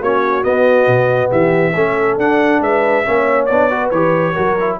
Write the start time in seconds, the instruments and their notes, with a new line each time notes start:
0.00 tuba A#3, trombone C#4, horn F#4, trumpet C#5
0.43 trombone B3, tuba B3, trumpet D#5
0.87 tuba B2
1.30 tuba E3, horn G4, trumpet E5
1.75 tuba A3, trombone C#4, horn A4
2.18 tuba D4, trombone D4, trumpet F#5
2.61 tuba G#3, horn B4, trumpet E5
3.05 tuba A#3, trombone C#4, horn C#5
3.46 tuba B3, trombone D4, trumpet D5
3.71 trombone F#4, horn B4
3.90 tuba E3, trombone G4, trumpet C#5
4.34 tuba F#3, trombone F#4, horn A#4
4.60 trombone E4